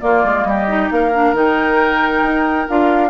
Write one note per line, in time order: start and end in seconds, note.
0.00 0.67 A#3
0.00 0.24 A#3
0.00 0.47 F4
0.00 0.44 D5
0.24 0.44 G#3
0.44 0.89 G3
0.44 0.93 G4
0.44 0.88 D#5
0.67 1.11 D#4
0.90 1.33 A#3
0.90 3.10 A#4
0.90 1.35 F5
1.14 1.34 D4
1.33 2.22 D#3
1.33 2.67 D#4
1.33 2.69 G5
2.22 2.66 D#4
2.68 3.10 D4
2.68 3.10 F4
2.68 3.10 F5